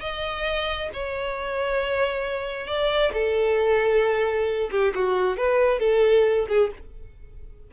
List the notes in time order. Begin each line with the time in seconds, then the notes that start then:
0.00 D#5
0.93 C#5
2.67 D5
3.13 A4
4.70 G4
4.94 F#4
5.36 B4
5.79 A4
6.48 G#4